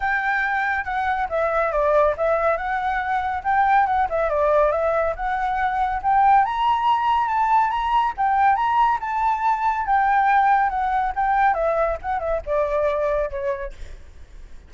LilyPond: \new Staff \with { instrumentName = "flute" } { \time 4/4 \tempo 4 = 140 g''2 fis''4 e''4 | d''4 e''4 fis''2 | g''4 fis''8 e''8 d''4 e''4 | fis''2 g''4 ais''4~ |
ais''4 a''4 ais''4 g''4 | ais''4 a''2 g''4~ | g''4 fis''4 g''4 e''4 | fis''8 e''8 d''2 cis''4 | }